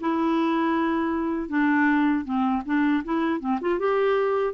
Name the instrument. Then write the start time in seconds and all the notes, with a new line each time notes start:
clarinet
0.00 E4
1.48 D4
2.25 C4
2.65 D4
3.04 E4
3.40 C4
3.61 F4
3.79 G4